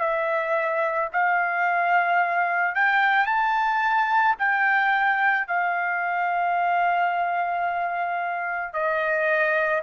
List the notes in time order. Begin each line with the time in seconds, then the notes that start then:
0.00 E5
1.13 F5
2.75 G5
3.26 A5
4.39 G5
5.48 F5
8.73 D#5